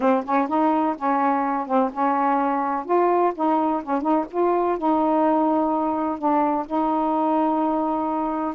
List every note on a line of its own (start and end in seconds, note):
0.00 0.24 C4
0.25 0.47 C#4
0.47 0.95 D#4
0.97 1.66 C#4
1.66 1.90 C4
1.93 2.85 C#4
2.85 3.32 F4
3.35 3.82 D#4
3.83 4.01 C#4
4.01 4.25 D#4
4.30 4.78 F4
4.78 6.18 D#4
6.18 6.66 D4
6.66 8.54 D#4